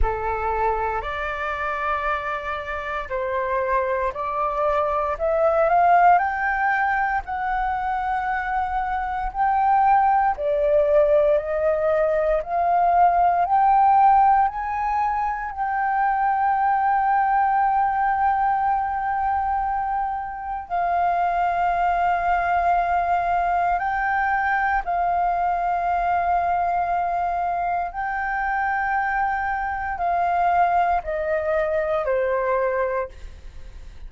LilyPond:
\new Staff \with { instrumentName = "flute" } { \time 4/4 \tempo 4 = 58 a'4 d''2 c''4 | d''4 e''8 f''8 g''4 fis''4~ | fis''4 g''4 d''4 dis''4 | f''4 g''4 gis''4 g''4~ |
g''1 | f''2. g''4 | f''2. g''4~ | g''4 f''4 dis''4 c''4 | }